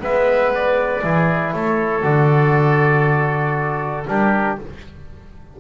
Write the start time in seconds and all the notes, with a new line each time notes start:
0.00 G#3 B3 B4 E5
0.55 D5
1.02 E3 E4 G#4
1.54 A3 A4 C#5
2.03 D3 F#4 D5
4.08 G3 D4 G4 A#4